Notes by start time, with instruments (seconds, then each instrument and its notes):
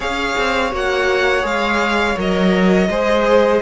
0.00 cello C#4, viola G#4, violin C#5 F5
0.37 cello C4
0.71 cello A#3, viola F#4, violin F#5
1.42 cello G#3, viola G#4, violin F5
2.17 cello F#3, viola A#4, violin D#5
2.88 cello G#3, viola G#4, violin C5